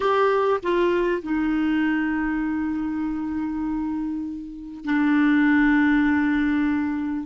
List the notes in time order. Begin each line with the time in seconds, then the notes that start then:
0.00 G4
0.62 F4
1.22 D#4
4.84 D4